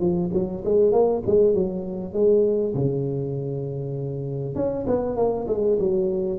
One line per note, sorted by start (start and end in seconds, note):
0.00 0.30 F3
0.33 0.64 F#3
0.65 0.92 G#3
0.92 1.23 A#3
1.27 1.54 G#3
1.54 2.13 F#3
2.13 2.74 G#3
2.75 4.55 C#3
4.55 4.86 C#4
4.87 5.17 B3
5.17 5.47 A#3
5.48 5.78 G#3
5.79 6.39 F#3